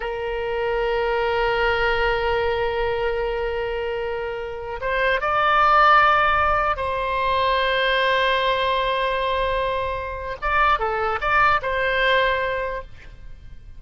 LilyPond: \new Staff \with { instrumentName = "oboe" } { \time 4/4 \tempo 4 = 150 ais'1~ | ais'1~ | ais'1 | c''4 d''2.~ |
d''4 c''2.~ | c''1~ | c''2 d''4 a'4 | d''4 c''2. | }